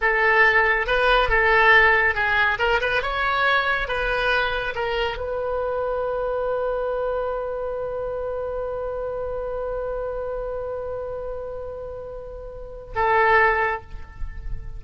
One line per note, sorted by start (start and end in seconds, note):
0.01 0.86 A4
0.86 1.29 B4
1.29 2.14 A4
2.14 2.58 G#4
2.59 2.80 A#4
2.81 3.02 B4
3.02 3.87 C#5
3.87 4.74 B4
4.75 5.17 A#4
5.17 12.94 B4
12.95 13.81 A4